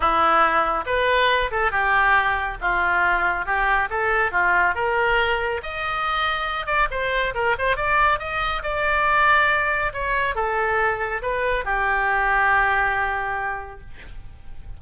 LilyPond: \new Staff \with { instrumentName = "oboe" } { \time 4/4 \tempo 4 = 139 e'2 b'4. a'8 | g'2 f'2 | g'4 a'4 f'4 ais'4~ | ais'4 dis''2~ dis''8 d''8 |
c''4 ais'8 c''8 d''4 dis''4 | d''2. cis''4 | a'2 b'4 g'4~ | g'1 | }